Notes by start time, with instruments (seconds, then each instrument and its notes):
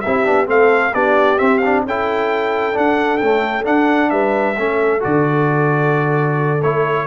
0.00 tuba C4, trombone E4, horn G4, trumpet E5
0.24 tuba B3, trombone D4
0.46 tuba A3, trombone C4, horn A4, trumpet F5
0.93 tuba B3, trombone D4, horn G4, trumpet D5
1.38 trombone C4, tuba C4, trumpet E5
1.58 trumpet F5
1.64 trombone D4
1.85 tuba C#4, trombone E4, horn A4, trumpet G5
2.73 trombone D4, tuba D4, trumpet F#5
3.17 trombone A3, tuba C#4, trumpet G5
3.63 trombone D4, tuba D4, trumpet F#5
4.10 tuba G3, horn B4, trumpet E5
4.57 tuba A3, trombone C#4, horn A4
4.99 tuba D3, trombone F#4, trumpet D5
6.62 tuba A3, trombone E4, trumpet C#5